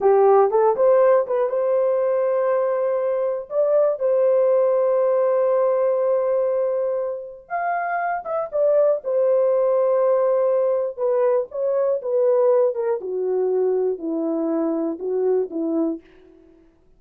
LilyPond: \new Staff \with { instrumentName = "horn" } { \time 4/4 \tempo 4 = 120 g'4 a'8 c''4 b'8 c''4~ | c''2. d''4 | c''1~ | c''2. f''4~ |
f''8 e''8 d''4 c''2~ | c''2 b'4 cis''4 | b'4. ais'8 fis'2 | e'2 fis'4 e'4 | }